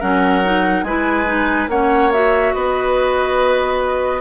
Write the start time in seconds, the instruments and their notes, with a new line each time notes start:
0.00 bassoon F#3, clarinet C#4, oboe A#4, flute F#5
0.44 clarinet D#4
0.83 bassoon G#3, clarinet E4, oboe B4, flute G#5
1.26 clarinet D#4
1.68 bassoon A#3, clarinet C#4, oboe C#5, flute F#5
2.13 clarinet F#4, flute E5
2.54 bassoon B3, oboe B4, flute D#5